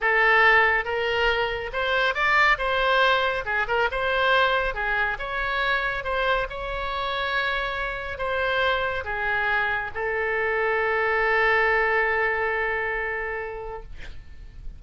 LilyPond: \new Staff \with { instrumentName = "oboe" } { \time 4/4 \tempo 4 = 139 a'2 ais'2 | c''4 d''4 c''2 | gis'8 ais'8 c''2 gis'4 | cis''2 c''4 cis''4~ |
cis''2. c''4~ | c''4 gis'2 a'4~ | a'1~ | a'1 | }